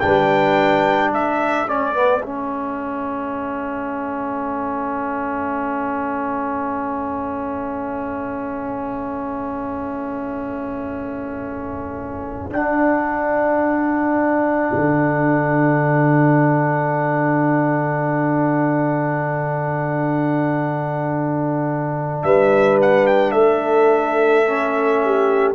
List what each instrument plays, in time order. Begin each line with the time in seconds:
0.00 tuba G3, trombone D4, horn B4, trumpet G5
1.11 tuba A3, horn A4, trumpet E5
1.68 trombone C#4, trumpet D5
1.94 trombone B3
2.23 trombone C#4, trumpet E5
12.50 tuba D4, trombone D4, trumpet F#5
14.74 tuba D3
22.23 tuba G3, horn B4, trumpet E5
22.82 trumpet F#5
23.07 trumpet G5
23.32 tuba A3, horn A4, trumpet E5
24.47 trombone C#4
25.04 horn G4